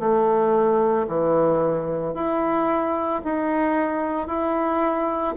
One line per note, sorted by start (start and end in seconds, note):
0.00 1.07 A3
1.08 2.15 E3
2.15 3.22 E4
3.25 4.28 D#4
4.28 5.35 E4